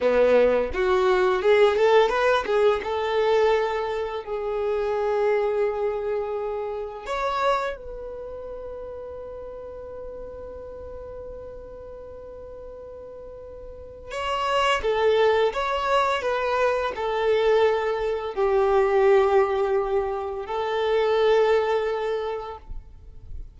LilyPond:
\new Staff \with { instrumentName = "violin" } { \time 4/4 \tempo 4 = 85 b4 fis'4 gis'8 a'8 b'8 gis'8 | a'2 gis'2~ | gis'2 cis''4 b'4~ | b'1~ |
b'1 | cis''4 a'4 cis''4 b'4 | a'2 g'2~ | g'4 a'2. | }